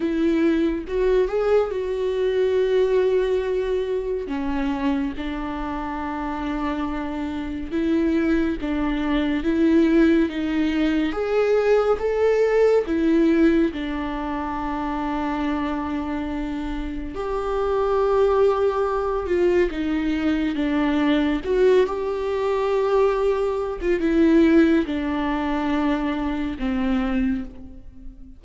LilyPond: \new Staff \with { instrumentName = "viola" } { \time 4/4 \tempo 4 = 70 e'4 fis'8 gis'8 fis'2~ | fis'4 cis'4 d'2~ | d'4 e'4 d'4 e'4 | dis'4 gis'4 a'4 e'4 |
d'1 | g'2~ g'8 f'8 dis'4 | d'4 fis'8 g'2~ g'16 f'16 | e'4 d'2 c'4 | }